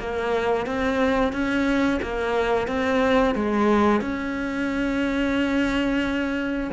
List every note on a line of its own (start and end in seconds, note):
0.00 0.66 A#3
0.66 1.32 C4
1.32 2.00 C#4
2.02 2.68 A#3
2.68 3.35 C4
3.35 4.01 G#3
4.01 6.71 C#4